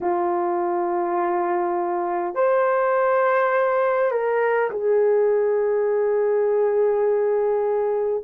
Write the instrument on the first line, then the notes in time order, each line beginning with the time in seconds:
horn
0.00 F4
2.35 C5
4.11 A#4
4.70 G#4